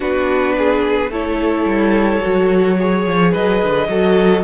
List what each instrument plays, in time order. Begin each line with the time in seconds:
0.00 cello B3, viola D4, violin F#4 B4
0.58 violin G#4
1.09 cello A3, viola E4, violin A4 C#5
1.65 cello G3
2.22 cello F#3, viola F#4
2.78 viola G#4, violin C#5
3.06 cello F3
3.31 cello F#3, violin B4 D#5
3.62 cello D3
3.87 cello F#3, viola F#4, violin A4